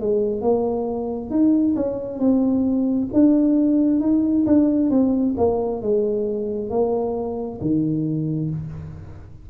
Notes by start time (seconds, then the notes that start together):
0.00 G#3
0.41 A#3
1.30 D#4
1.76 C#4
2.19 C4
3.13 D4
4.01 D#4
4.46 D4
4.90 C4
5.37 A#3
5.82 G#3
6.70 A#3
7.61 D#3